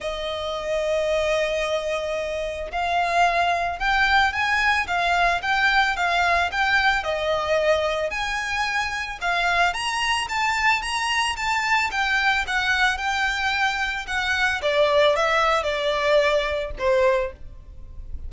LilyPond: \new Staff \with { instrumentName = "violin" } { \time 4/4 \tempo 4 = 111 dis''1~ | dis''4 f''2 g''4 | gis''4 f''4 g''4 f''4 | g''4 dis''2 gis''4~ |
gis''4 f''4 ais''4 a''4 | ais''4 a''4 g''4 fis''4 | g''2 fis''4 d''4 | e''4 d''2 c''4 | }